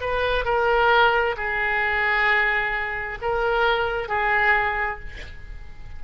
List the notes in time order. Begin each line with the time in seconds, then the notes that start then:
0.00 B4
0.45 A#4
1.36 G#4
3.21 A#4
4.08 G#4